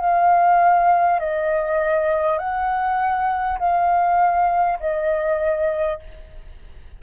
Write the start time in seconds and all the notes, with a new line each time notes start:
0.00 F5
1.19 D#5
2.38 F#5
3.59 F5
4.80 D#5